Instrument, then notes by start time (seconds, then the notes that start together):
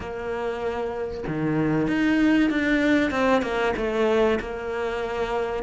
cello
0.00 A#3
1.27 D#3
1.88 D#4
2.50 D4
3.10 C4
3.41 A#3
3.76 A3
4.39 A#3